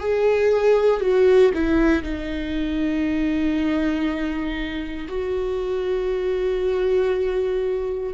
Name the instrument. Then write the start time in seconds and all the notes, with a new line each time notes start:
viola
0.00 G#4
1.01 F#4
1.54 E4
2.03 D#4
5.09 F#4